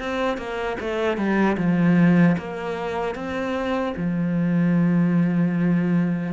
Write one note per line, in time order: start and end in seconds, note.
0.00 0.38 C4
0.38 0.77 A#3
0.81 1.18 A3
1.18 1.57 G3
1.58 2.37 F3
2.39 3.15 A#3
3.15 3.94 C4
3.97 6.34 F3